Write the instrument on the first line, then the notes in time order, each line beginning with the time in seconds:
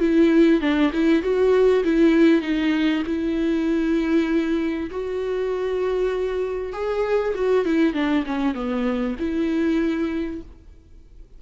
viola
0.00 E4
0.61 D4
0.93 E4
1.22 F#4
1.84 E4
2.42 D#4
3.06 E4
4.90 F#4
6.73 G#4
7.35 F#4
7.65 E4
7.94 D4
8.26 C#4
8.55 B3
9.19 E4